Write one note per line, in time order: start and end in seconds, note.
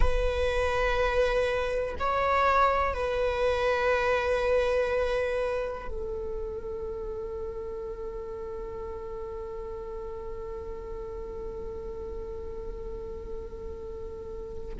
0.00 1.95 B4
1.99 2.94 C#5
2.94 5.88 B4
5.88 14.73 A4